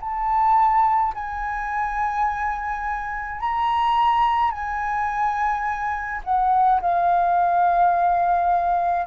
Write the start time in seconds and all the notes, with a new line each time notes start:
0.00 A5
1.14 G#5
3.40 A#5
4.51 G#5
6.24 F#5
6.81 F5